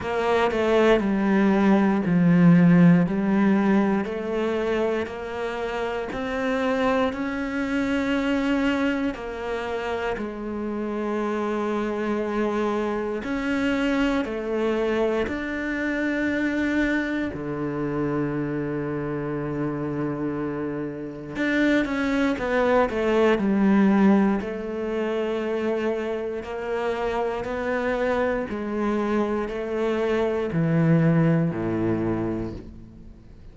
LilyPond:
\new Staff \with { instrumentName = "cello" } { \time 4/4 \tempo 4 = 59 ais8 a8 g4 f4 g4 | a4 ais4 c'4 cis'4~ | cis'4 ais4 gis2~ | gis4 cis'4 a4 d'4~ |
d'4 d2.~ | d4 d'8 cis'8 b8 a8 g4 | a2 ais4 b4 | gis4 a4 e4 a,4 | }